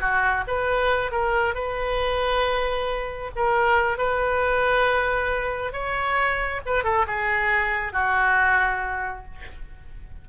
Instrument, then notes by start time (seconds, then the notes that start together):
oboe
0.00 F#4
0.47 B4
1.11 A#4
1.54 B4
3.35 A#4
3.98 B4
5.72 C#5
6.66 B4
6.83 A4
7.07 G#4
7.93 F#4